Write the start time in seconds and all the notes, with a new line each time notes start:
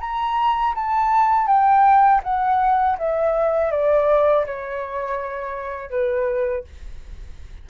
0.00 A#5
0.75 A5
1.47 G5
2.23 F#5
2.98 E5
3.71 D5
4.46 C#5
5.90 B4